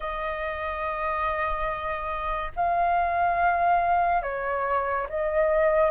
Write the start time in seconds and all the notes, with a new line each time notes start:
0.00 D#5
2.55 F5
4.22 C#5
5.09 D#5